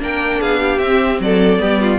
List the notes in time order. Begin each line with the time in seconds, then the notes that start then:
0.00 A#3 D4 A#4 G5
0.41 B3 G#4 F5
0.61 G4
0.79 C4 E5
1.20 F#3 A4 D5
1.59 G3 B3 G4
1.82 F4